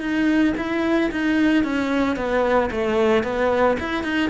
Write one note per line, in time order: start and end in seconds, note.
0.00 0.54 D#4
0.57 1.11 E4
1.12 1.64 D#4
1.64 2.16 C#4
2.16 2.70 B3
2.71 3.23 A3
3.23 3.77 B3
3.79 4.03 E4
4.03 4.30 D#4